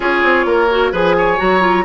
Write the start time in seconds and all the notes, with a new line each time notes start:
0.00 C#4 F4 G#4 C#5
0.22 C4
0.45 A#3 A#4
0.70 F#4
0.92 F3 G#4 B4 G#5
1.17 C#5
1.37 F#3 F#4 A#5
1.61 F4